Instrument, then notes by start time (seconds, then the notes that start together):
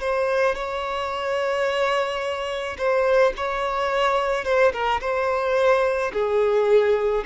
violin
0.00 C5
0.55 C#5
2.78 C5
3.36 C#5
4.44 C5
4.73 A#4
5.01 C5
6.13 G#4